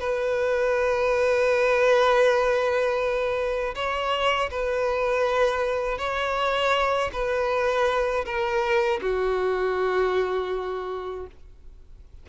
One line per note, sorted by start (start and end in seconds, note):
0.00 3.75 B4
3.75 4.50 C#5
4.51 5.99 B4
5.99 7.11 C#5
7.13 8.25 B4
8.26 9.01 A#4
9.02 11.27 F#4